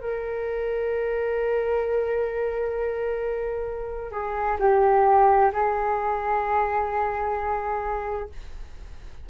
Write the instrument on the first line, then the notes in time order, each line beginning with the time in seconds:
flute
0.00 A#4
4.12 G#4
4.59 G4
5.53 G#4